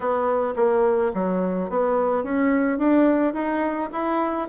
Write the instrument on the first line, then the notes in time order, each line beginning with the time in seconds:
bassoon
0.00 B3
0.56 A#3
1.13 F#3
1.69 B3
2.23 C#4
2.78 D4
3.33 D#4
3.92 E4